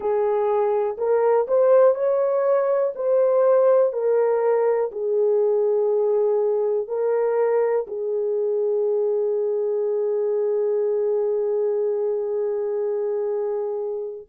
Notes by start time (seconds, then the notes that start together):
0.00 G#4
0.97 A#4
1.48 C5
1.94 C#5
2.95 C5
3.92 A#4
4.91 G#4
6.87 A#4
7.87 G#4